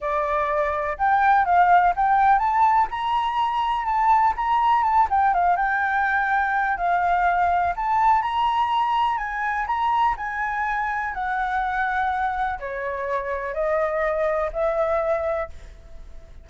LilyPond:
\new Staff \with { instrumentName = "flute" } { \time 4/4 \tempo 4 = 124 d''2 g''4 f''4 | g''4 a''4 ais''2 | a''4 ais''4 a''8 g''8 f''8 g''8~ | g''2 f''2 |
a''4 ais''2 gis''4 | ais''4 gis''2 fis''4~ | fis''2 cis''2 | dis''2 e''2 | }